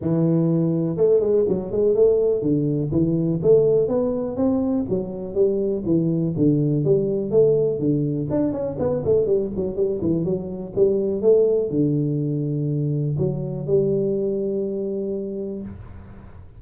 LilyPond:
\new Staff \with { instrumentName = "tuba" } { \time 4/4 \tempo 4 = 123 e2 a8 gis8 fis8 gis8 | a4 d4 e4 a4 | b4 c'4 fis4 g4 | e4 d4 g4 a4 |
d4 d'8 cis'8 b8 a8 g8 fis8 | g8 e8 fis4 g4 a4 | d2. fis4 | g1 | }